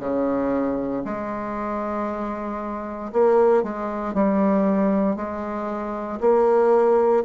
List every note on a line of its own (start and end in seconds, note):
0.00 1.03 C#3
1.05 3.12 G#3
3.13 3.63 A#3
3.63 4.14 G#3
4.14 5.16 G3
5.16 6.20 G#3
6.21 7.24 A#3